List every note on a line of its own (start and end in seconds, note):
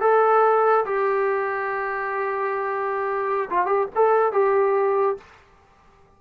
0.00 0.85 A4
0.85 3.49 G4
3.50 3.66 F4
3.66 3.87 G4
3.95 4.32 A4
4.32 5.17 G4